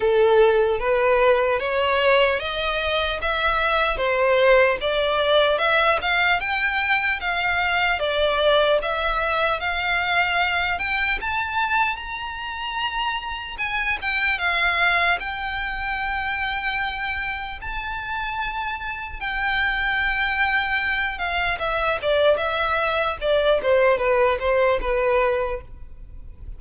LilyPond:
\new Staff \with { instrumentName = "violin" } { \time 4/4 \tempo 4 = 75 a'4 b'4 cis''4 dis''4 | e''4 c''4 d''4 e''8 f''8 | g''4 f''4 d''4 e''4 | f''4. g''8 a''4 ais''4~ |
ais''4 gis''8 g''8 f''4 g''4~ | g''2 a''2 | g''2~ g''8 f''8 e''8 d''8 | e''4 d''8 c''8 b'8 c''8 b'4 | }